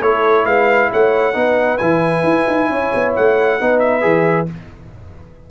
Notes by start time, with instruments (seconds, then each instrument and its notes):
0.00 tuba A3, trombone E4, horn A4, trumpet C#5
0.45 tuba G#3, horn B4, trumpet F5
0.91 tuba A3, horn C#5, trumpet F#5
1.33 tuba B3, trombone D#4, horn B4
1.77 tuba E3, trombone E4, trumpet G#5
2.23 tuba E4
2.47 tuba D#4
2.69 tuba C#4, horn C#5
2.94 tuba B3
3.15 tuba A3, trumpet F#5
3.60 tuba B3, trombone D#4, horn B4
3.79 trumpet E5
4.01 tuba E3, trombone G#4